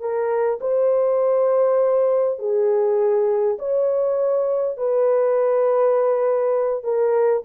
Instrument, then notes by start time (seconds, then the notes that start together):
horn
0.00 A#4
0.61 C5
2.39 G#4
3.59 C#5
4.77 B4
6.84 A#4